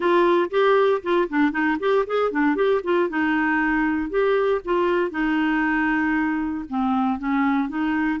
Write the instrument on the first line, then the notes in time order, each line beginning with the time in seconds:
clarinet
0.00 F4
0.50 G4
1.02 F4
1.29 D4
1.51 D#4
1.79 G4
2.07 G#4
2.31 D4
2.55 G4
2.83 F4
3.09 D#4
4.10 G4
4.64 F4
5.10 D#4
6.69 C4
7.18 C#4
7.69 D#4